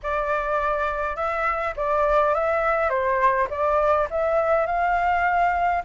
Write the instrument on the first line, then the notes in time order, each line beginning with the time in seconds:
flute
0.03 D5
1.15 E5
1.76 D5
2.34 E5
2.89 C5
3.50 D5
4.10 E5
4.66 F5